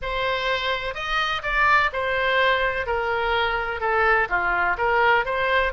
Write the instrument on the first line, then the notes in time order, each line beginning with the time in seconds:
oboe
0.02 C5
0.94 D#5
1.42 D5
1.92 C5
2.86 A#4
3.80 A4
4.29 F4
4.77 A#4
5.25 C5